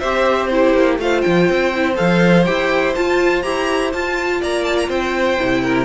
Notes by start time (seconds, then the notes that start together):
0.00 C4 G4 C5 E5
0.47 E4 C5
0.54 G4
0.74 A#3
0.99 A3 F4 C5 F5
1.22 F3 G5
1.50 C4
1.76 E4
1.95 F3 A4 F5
2.45 E4 G4 G5
2.96 F4 A5
3.42 E4 G4 A#5
3.93 F4 A5
4.40 A#3 D5 A#5
4.65 A5
4.78 A#5
4.89 C4 C5 G5
5.39 C3 E4
5.63 A#4